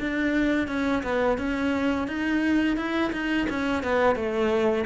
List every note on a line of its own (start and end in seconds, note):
0.00 0.68 D4
0.68 1.02 C#4
1.03 1.38 B3
1.38 2.07 C#4
2.07 2.77 D#4
2.77 3.11 E4
3.12 3.47 D#4
3.49 3.83 C#4
3.83 4.15 B3
4.15 4.85 A3